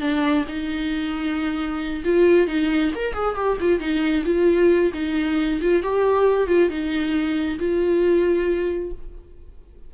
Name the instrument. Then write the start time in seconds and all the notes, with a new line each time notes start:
viola
0.00 D4
0.47 D#4
2.04 F4
2.47 D#4
2.95 A#4
3.13 G#4
3.35 G4
3.60 F4
3.79 D#4
4.25 F4
4.93 D#4
5.61 F4
5.82 G4
6.47 F4
6.69 D#4
7.58 F4